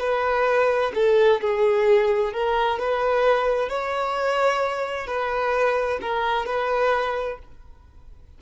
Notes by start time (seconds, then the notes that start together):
0.00 B4
0.95 A4
1.41 G#4
2.33 A#4
2.79 B4
3.70 C#5
5.07 B4
6.02 A#4
6.46 B4